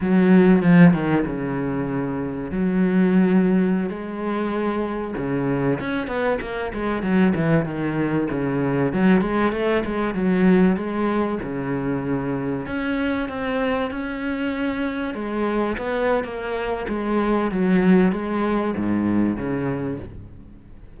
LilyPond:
\new Staff \with { instrumentName = "cello" } { \time 4/4 \tempo 4 = 96 fis4 f8 dis8 cis2 | fis2~ fis16 gis4.~ gis16~ | gis16 cis4 cis'8 b8 ais8 gis8 fis8 e16~ | e16 dis4 cis4 fis8 gis8 a8 gis16~ |
gis16 fis4 gis4 cis4.~ cis16~ | cis16 cis'4 c'4 cis'4.~ cis'16~ | cis'16 gis4 b8. ais4 gis4 | fis4 gis4 gis,4 cis4 | }